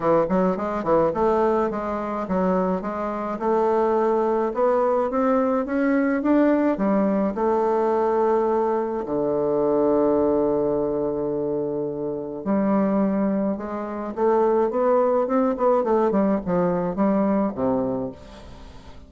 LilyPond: \new Staff \with { instrumentName = "bassoon" } { \time 4/4 \tempo 4 = 106 e8 fis8 gis8 e8 a4 gis4 | fis4 gis4 a2 | b4 c'4 cis'4 d'4 | g4 a2. |
d1~ | d2 g2 | gis4 a4 b4 c'8 b8 | a8 g8 f4 g4 c4 | }